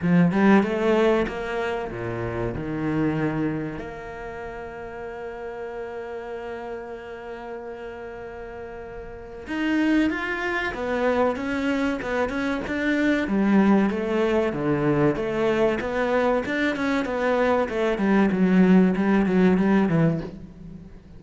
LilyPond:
\new Staff \with { instrumentName = "cello" } { \time 4/4 \tempo 4 = 95 f8 g8 a4 ais4 ais,4 | dis2 ais2~ | ais1~ | ais2. dis'4 |
f'4 b4 cis'4 b8 cis'8 | d'4 g4 a4 d4 | a4 b4 d'8 cis'8 b4 | a8 g8 fis4 g8 fis8 g8 e8 | }